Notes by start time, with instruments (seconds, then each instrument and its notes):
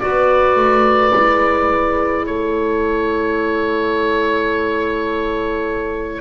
0.00 double bass B3, clarinet F#4, horn B4, oboe D5
0.56 double bass A3
1.12 double bass G#3, clarinet E4
2.26 double bass A3, horn A4, oboe C#5